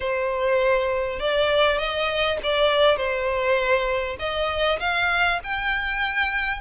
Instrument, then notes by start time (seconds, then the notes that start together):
violin
0.00 C5
1.19 D5
1.78 D#5
2.43 D5
2.96 C5
4.19 D#5
4.79 F5
5.43 G5